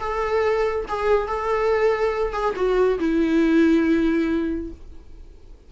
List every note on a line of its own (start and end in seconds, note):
0.00 0.86 A4
0.88 1.28 G#4
1.28 2.33 A4
2.33 2.54 G#4
2.56 2.99 F#4
2.99 4.70 E4